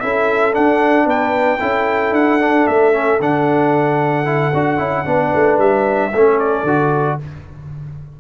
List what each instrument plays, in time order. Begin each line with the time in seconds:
0.00 tuba C#4, trombone E4, horn A4, trumpet E5
0.52 trombone D4, tuba D4, trumpet F#5
1.05 tuba B3, horn B4, trumpet G5
1.60 tuba C#4, trombone E4, horn A4
2.12 tuba D4, trumpet F#5
2.40 trombone D4
2.67 tuba A3, trumpet E5
2.92 trombone C#4
3.19 tuba D3, trombone D4, trumpet F#5
4.25 trombone E4
4.54 tuba D4, trombone F#4
4.78 tuba C#4, trombone E4
5.05 tuba B3, trombone D4, horn B4
5.34 tuba A3
5.58 tuba G3, trumpet E5
6.11 tuba A3, horn A4
6.17 trombone C#4
6.39 trumpet D5
6.63 tuba D3, trombone F#4